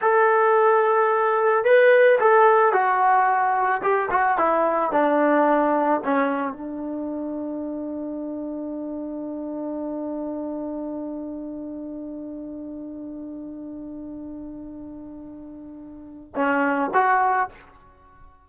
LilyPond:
\new Staff \with { instrumentName = "trombone" } { \time 4/4 \tempo 4 = 110 a'2. b'4 | a'4 fis'2 g'8 fis'8 | e'4 d'2 cis'4 | d'1~ |
d'1~ | d'1~ | d'1~ | d'2 cis'4 fis'4 | }